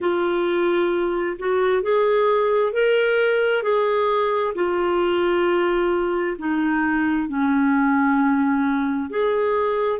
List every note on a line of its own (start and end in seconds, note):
0.00 1.37 F4
1.38 1.82 F#4
1.82 2.73 G#4
2.73 3.62 A#4
3.62 4.53 G#4
4.55 6.36 F4
6.38 7.28 D#4
7.28 9.10 C#4
9.10 9.99 G#4